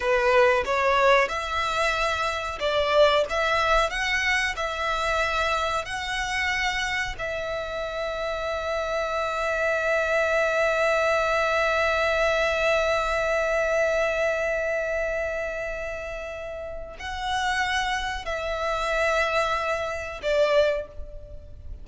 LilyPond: \new Staff \with { instrumentName = "violin" } { \time 4/4 \tempo 4 = 92 b'4 cis''4 e''2 | d''4 e''4 fis''4 e''4~ | e''4 fis''2 e''4~ | e''1~ |
e''1~ | e''1~ | e''2 fis''2 | e''2. d''4 | }